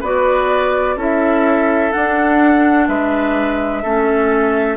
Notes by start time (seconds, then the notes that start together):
0.00 B3 F#4 B4 D5
0.96 C#4 E4 A4 E5
1.92 D4 F#5
2.87 G#3 B4 E5
3.83 A3 C#4 A4